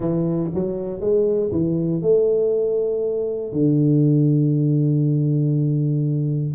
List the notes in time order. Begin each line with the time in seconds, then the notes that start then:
0.00 E3
0.54 F#3
1.00 G#3
1.51 E3
2.01 A3
3.52 D3